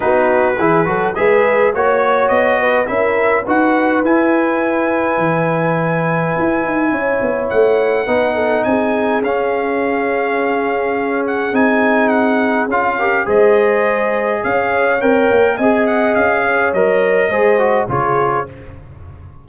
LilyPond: <<
  \new Staff \with { instrumentName = "trumpet" } { \time 4/4 \tempo 4 = 104 b'2 e''4 cis''4 | dis''4 e''4 fis''4 gis''4~ | gis''1~ | gis''4 fis''2 gis''4 |
f''2.~ f''8 fis''8 | gis''4 fis''4 f''4 dis''4~ | dis''4 f''4 g''4 gis''8 fis''8 | f''4 dis''2 cis''4 | }
  \new Staff \with { instrumentName = "horn" } { \time 4/4 fis'4 gis'8 a'8 b'4 cis''4~ | cis''8 b'8 ais'4 b'2~ | b'1 | cis''2 b'8 a'8 gis'4~ |
gis'1~ | gis'2~ gis'8 ais'8 c''4~ | c''4 cis''2 dis''4~ | dis''8 cis''4. c''4 gis'4 | }
  \new Staff \with { instrumentName = "trombone" } { \time 4/4 dis'4 e'8 fis'8 gis'4 fis'4~ | fis'4 e'4 fis'4 e'4~ | e'1~ | e'2 dis'2 |
cis'1 | dis'2 f'8 g'8 gis'4~ | gis'2 ais'4 gis'4~ | gis'4 ais'4 gis'8 fis'8 f'4 | }
  \new Staff \with { instrumentName = "tuba" } { \time 4/4 b4 e8 fis8 gis4 ais4 | b4 cis'4 dis'4 e'4~ | e'4 e2 e'8 dis'8 | cis'8 b8 a4 b4 c'4 |
cis'1 | c'2 cis'4 gis4~ | gis4 cis'4 c'8 ais8 c'4 | cis'4 fis4 gis4 cis4 | }
>>